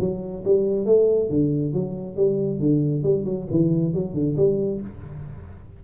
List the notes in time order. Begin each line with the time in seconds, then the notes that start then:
0.00 F#3
0.45 G3
0.86 A3
1.30 D3
1.74 F#3
2.17 G3
2.60 D3
3.04 G3
3.25 F#3
3.51 E3
3.94 F#3
4.14 D3
4.37 G3